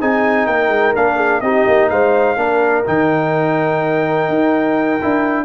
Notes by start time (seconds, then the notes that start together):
0.00 C4 D#4 G#4 G#5
0.46 A#3 A#4 G5
0.68 G#3
0.95 A#3 D4 F5
1.16 G#4
1.41 C4 D#4 G4 D#5
1.66 A#3
1.89 G#3 C5 F5
2.36 A#3 D4 A#4
2.85 D#3 D#4 G5
4.28 D#4
5.01 D4 E4